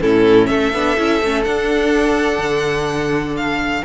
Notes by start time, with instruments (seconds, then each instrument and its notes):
0.00 cello A2, viola C#4, violin E4 A4
0.46 cello A3, violin A4 E5
0.73 cello B3, viola D4
0.97 cello C#4, viola E4
1.22 cello A3, viola C#4
1.43 viola D4, cello D4, violin F#5
2.38 cello D3
3.36 violin F5